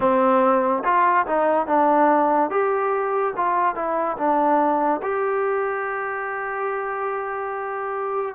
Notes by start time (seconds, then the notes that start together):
0.00 C4
0.84 F4
1.26 D#4
1.67 D4
2.50 G4
3.36 F4
3.75 E4
4.17 D4
5.02 G4